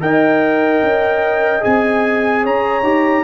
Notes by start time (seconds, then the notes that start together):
0.00 D#4 A#4 D#5 G5
0.82 C#4
1.60 C4 G#4 G#5
2.42 C#4 C#5 A#5
2.82 D#4 G4